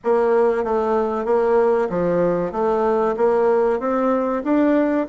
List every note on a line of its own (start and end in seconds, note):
0.04 0.63 A#3
0.63 1.25 A3
1.25 1.88 A#3
1.89 2.51 F3
2.51 3.15 A3
3.16 3.79 A#3
3.79 4.42 C4
4.44 5.07 D4